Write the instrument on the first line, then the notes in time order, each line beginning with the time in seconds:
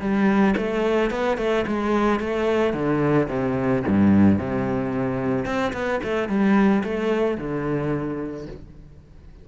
cello
0.00 G3
0.57 A3
1.10 B3
1.37 A3
1.67 G#3
2.19 A3
2.73 D3
3.28 C3
3.88 G2
4.38 C3
5.45 C4
5.73 B3
6.03 A3
6.29 G3
6.84 A3
7.37 D3